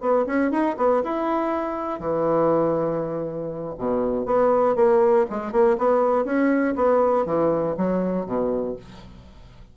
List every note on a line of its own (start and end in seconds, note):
0.00 0.25 B3
0.26 0.51 C#4
0.51 0.76 D#4
0.77 1.02 B3
1.03 1.99 E4
1.99 3.74 E3
3.78 4.25 B2
4.25 4.75 B3
4.75 5.25 A#3
5.30 5.52 G#3
5.52 5.77 A#3
5.77 6.25 B3
6.25 6.75 C#4
6.75 7.25 B3
7.25 7.75 E3
7.77 8.26 F#3
8.26 8.76 B2